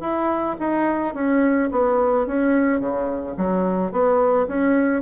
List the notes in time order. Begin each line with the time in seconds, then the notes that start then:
0.00 E4
0.59 D#4
1.14 C#4
1.71 B3
2.27 C#4
2.80 C#3
3.37 F#3
3.91 B3
4.47 C#4